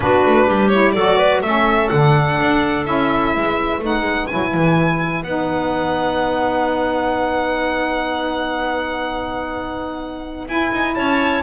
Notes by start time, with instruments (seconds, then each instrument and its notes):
0.00 double bass B3, saxophone D4, clarinet F#4, violin B4
0.25 double bass A3
0.47 double bass G3, clarinet G4
0.67 saxophone E4, violin C#5
0.92 double bass F#3, saxophone F#4, clarinet A4, violin D5
1.17 clarinet B4
1.41 double bass A3, saxophone C#4, clarinet A4, violin E5
1.88 double bass D3, saxophone D4, violin F#5
2.39 double bass D4
2.85 double bass C#4, saxophone E4, violin E5
3.33 double bass G#3, clarinet B4
3.79 double bass A3, saxophone D#4
3.86 violin F#5
4.01 double bass G#3
4.27 double bass F#3, saxophone E4, violin G#5
4.54 double bass E3
5.23 double bass B3, saxophone D#4, violin F#5
10.47 double bass E4, saxophone E4, violin G#5
10.72 double bass D#4
10.95 double bass C#4, clarinet C#5, violin A5